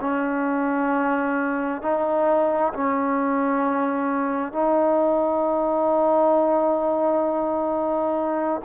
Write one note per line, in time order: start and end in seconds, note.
0.00 1.82 C#4
1.82 2.73 D#4
2.74 4.52 C#4
4.52 8.62 D#4